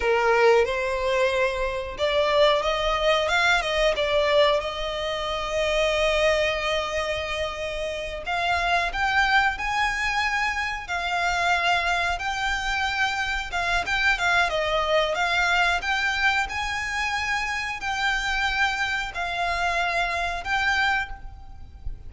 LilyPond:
\new Staff \with { instrumentName = "violin" } { \time 4/4 \tempo 4 = 91 ais'4 c''2 d''4 | dis''4 f''8 dis''8 d''4 dis''4~ | dis''1~ | dis''8 f''4 g''4 gis''4.~ |
gis''8 f''2 g''4.~ | g''8 f''8 g''8 f''8 dis''4 f''4 | g''4 gis''2 g''4~ | g''4 f''2 g''4 | }